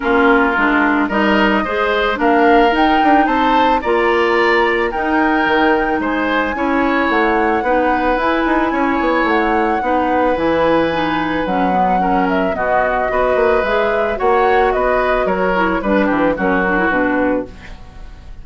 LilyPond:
<<
  \new Staff \with { instrumentName = "flute" } { \time 4/4 \tempo 4 = 110 ais'2 dis''2 | f''4 g''4 a''4 ais''4~ | ais''4 g''2 gis''4~ | gis''4 fis''2 gis''4~ |
gis''4 fis''2 gis''4~ | gis''4 fis''4. e''8 dis''4~ | dis''4 e''4 fis''4 dis''4 | cis''4 b'4 ais'4 b'4 | }
  \new Staff \with { instrumentName = "oboe" } { \time 4/4 f'2 ais'4 c''4 | ais'2 c''4 d''4~ | d''4 ais'2 c''4 | cis''2 b'2 |
cis''2 b'2~ | b'2 ais'4 fis'4 | b'2 cis''4 b'4 | ais'4 b'8 g'8 fis'2 | }
  \new Staff \with { instrumentName = "clarinet" } { \time 4/4 cis'4 d'4 dis'4 gis'4 | d'4 dis'2 f'4~ | f'4 dis'2. | e'2 dis'4 e'4~ |
e'2 dis'4 e'4 | dis'4 cis'8 b8 cis'4 b4 | fis'4 gis'4 fis'2~ | fis'8 e'8 d'4 cis'8 d'16 e'16 d'4 | }
  \new Staff \with { instrumentName = "bassoon" } { \time 4/4 ais4 gis4 g4 gis4 | ais4 dis'8 d'8 c'4 ais4~ | ais4 dis'4 dis4 gis4 | cis'4 a4 b4 e'8 dis'8 |
cis'8 b8 a4 b4 e4~ | e4 fis2 b,4 | b8 ais8 gis4 ais4 b4 | fis4 g8 e8 fis4 b,4 | }
>>